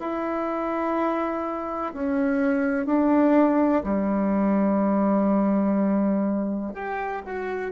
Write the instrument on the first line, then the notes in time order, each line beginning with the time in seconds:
bassoon
0.00 E4
1.94 C#4
2.86 D4
3.84 G3
6.74 G4
7.26 F#4